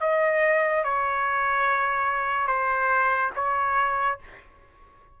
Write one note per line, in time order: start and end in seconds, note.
0.00 0.83 D#5
0.83 2.47 C#5
2.47 3.30 C5
3.35 4.19 C#5